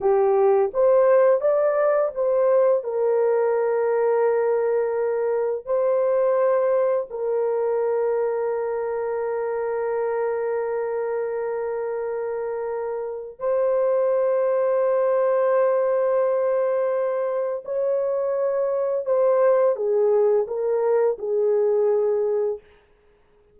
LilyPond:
\new Staff \with { instrumentName = "horn" } { \time 4/4 \tempo 4 = 85 g'4 c''4 d''4 c''4 | ais'1 | c''2 ais'2~ | ais'1~ |
ais'2. c''4~ | c''1~ | c''4 cis''2 c''4 | gis'4 ais'4 gis'2 | }